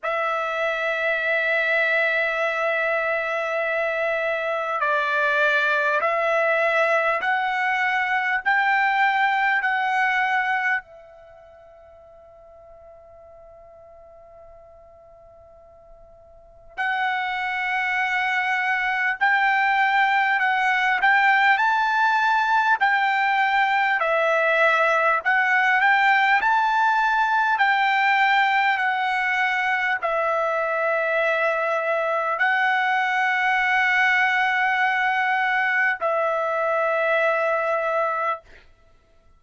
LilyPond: \new Staff \with { instrumentName = "trumpet" } { \time 4/4 \tempo 4 = 50 e''1 | d''4 e''4 fis''4 g''4 | fis''4 e''2.~ | e''2 fis''2 |
g''4 fis''8 g''8 a''4 g''4 | e''4 fis''8 g''8 a''4 g''4 | fis''4 e''2 fis''4~ | fis''2 e''2 | }